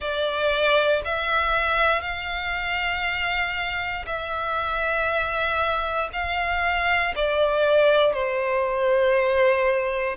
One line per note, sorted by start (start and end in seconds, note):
0.00 1.02 D5
1.04 2.01 E5
2.01 4.04 F5
4.06 6.09 E5
6.12 7.14 F5
7.15 8.13 D5
8.13 10.16 C5